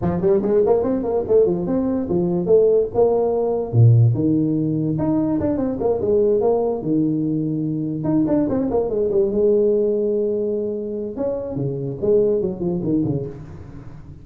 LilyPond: \new Staff \with { instrumentName = "tuba" } { \time 4/4 \tempo 4 = 145 f8 g8 gis8 ais8 c'8 ais8 a8 f8 | c'4 f4 a4 ais4~ | ais4 ais,4 dis2 | dis'4 d'8 c'8 ais8 gis4 ais8~ |
ais8 dis2. dis'8 | d'8 c'8 ais8 gis8 g8 gis4.~ | gis2. cis'4 | cis4 gis4 fis8 f8 dis8 cis8 | }